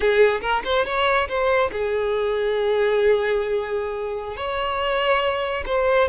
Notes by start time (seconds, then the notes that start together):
0.00 G#4
0.41 A#4
0.64 C5
0.85 C#5
1.28 C5
1.72 G#4
4.36 C#5
5.66 C5